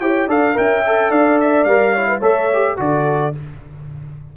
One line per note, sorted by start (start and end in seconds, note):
0.00 0.27 E4
0.00 0.28 G4
0.00 0.27 C#5
0.00 0.28 G5
0.27 0.55 D4
0.27 0.54 A4
0.27 0.55 D5
0.27 0.57 F5
0.54 1.10 C#4
0.54 0.82 A#4
0.54 1.10 E5
0.54 1.11 G5
0.86 1.68 A4
1.10 1.65 D4
1.10 1.92 D5
1.10 1.39 F5
1.40 1.64 E5
1.64 2.20 G3
1.64 1.96 A#4
1.64 2.19 F5
1.92 2.21 E4
1.92 2.06 C#5
2.07 2.19 B4
2.19 2.77 A3
2.19 2.49 A4
2.19 2.75 C#5
2.19 2.78 E5
2.53 2.76 G4
2.76 3.34 D3
2.76 3.32 F#4
2.76 3.36 A4
2.76 3.36 D5